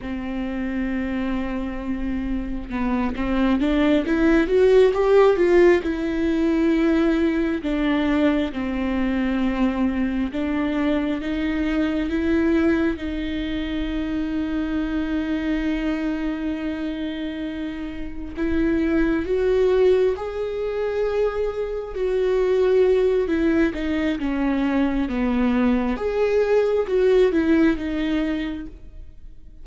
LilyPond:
\new Staff \with { instrumentName = "viola" } { \time 4/4 \tempo 4 = 67 c'2. b8 c'8 | d'8 e'8 fis'8 g'8 f'8 e'4.~ | e'8 d'4 c'2 d'8~ | d'8 dis'4 e'4 dis'4.~ |
dis'1~ | dis'8 e'4 fis'4 gis'4.~ | gis'8 fis'4. e'8 dis'8 cis'4 | b4 gis'4 fis'8 e'8 dis'4 | }